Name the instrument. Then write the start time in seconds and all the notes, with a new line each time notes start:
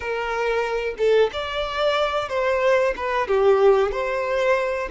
violin
0.00 A#4
0.98 A4
1.33 D5
2.29 C5
2.96 B4
3.27 G4
3.91 C5